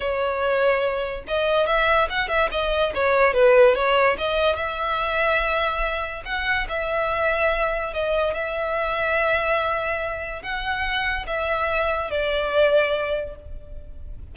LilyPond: \new Staff \with { instrumentName = "violin" } { \time 4/4 \tempo 4 = 144 cis''2. dis''4 | e''4 fis''8 e''8 dis''4 cis''4 | b'4 cis''4 dis''4 e''4~ | e''2. fis''4 |
e''2. dis''4 | e''1~ | e''4 fis''2 e''4~ | e''4 d''2. | }